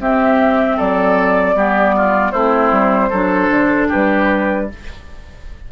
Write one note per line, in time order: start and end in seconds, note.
0.00 0.78 C4
0.00 1.56 C4
0.00 0.77 G4
0.00 0.79 E5
0.77 1.55 F#3
0.77 1.55 A4
0.77 2.31 D5
1.55 2.33 G3
1.55 2.33 B3
1.55 1.95 G4
1.97 2.32 F4
2.31 2.71 A3
2.31 3.12 C4
2.31 3.10 E4
2.31 3.87 C5
2.71 3.10 G3
3.10 3.50 F#3
3.10 4.69 D4
3.10 3.88 A4
3.50 3.89 D3
3.89 4.72 G3
3.89 4.67 G4
3.89 4.70 B4